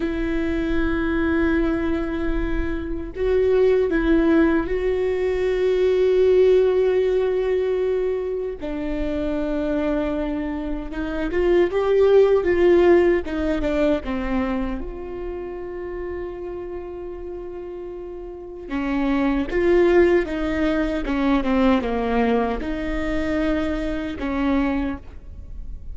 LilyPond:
\new Staff \with { instrumentName = "viola" } { \time 4/4 \tempo 4 = 77 e'1 | fis'4 e'4 fis'2~ | fis'2. d'4~ | d'2 dis'8 f'8 g'4 |
f'4 dis'8 d'8 c'4 f'4~ | f'1 | cis'4 f'4 dis'4 cis'8 c'8 | ais4 dis'2 cis'4 | }